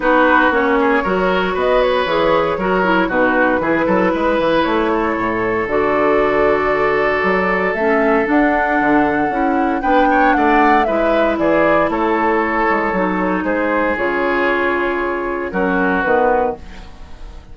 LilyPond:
<<
  \new Staff \with { instrumentName = "flute" } { \time 4/4 \tempo 4 = 116 b'4 cis''2 dis''8 cis''8~ | cis''2 b'2~ | b'4 cis''2 d''4~ | d''2. e''4 |
fis''2. g''4 | fis''4 e''4 d''4 cis''4~ | cis''2 c''4 cis''4~ | cis''2 ais'4 b'4 | }
  \new Staff \with { instrumentName = "oboe" } { \time 4/4 fis'4. gis'8 ais'4 b'4~ | b'4 ais'4 fis'4 gis'8 a'8 | b'4. a'2~ a'8~ | a'1~ |
a'2. b'8 cis''8 | d''4 b'4 gis'4 a'4~ | a'2 gis'2~ | gis'2 fis'2 | }
  \new Staff \with { instrumentName = "clarinet" } { \time 4/4 dis'4 cis'4 fis'2 | gis'4 fis'8 e'8 dis'4 e'4~ | e'2. fis'4~ | fis'2. cis'4 |
d'2 e'4 d'4~ | d'4 e'2.~ | e'4 dis'2 f'4~ | f'2 cis'4 b4 | }
  \new Staff \with { instrumentName = "bassoon" } { \time 4/4 b4 ais4 fis4 b4 | e4 fis4 b,4 e8 fis8 | gis8 e8 a4 a,4 d4~ | d2 fis4 a4 |
d'4 d4 cis'4 b4 | a4 gis4 e4 a4~ | a8 gis8 fis4 gis4 cis4~ | cis2 fis4 dis4 | }
>>